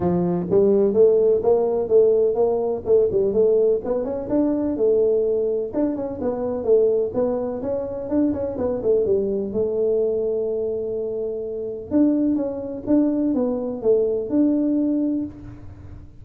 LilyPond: \new Staff \with { instrumentName = "tuba" } { \time 4/4 \tempo 4 = 126 f4 g4 a4 ais4 | a4 ais4 a8 g8 a4 | b8 cis'8 d'4 a2 | d'8 cis'8 b4 a4 b4 |
cis'4 d'8 cis'8 b8 a8 g4 | a1~ | a4 d'4 cis'4 d'4 | b4 a4 d'2 | }